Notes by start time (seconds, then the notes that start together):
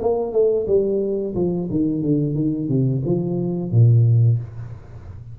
0.00 A#3
0.32 A3
0.67 G3
1.35 F3
1.71 D#3
2.02 D3
2.35 D#3
2.68 C3
3.06 F3
3.71 A#2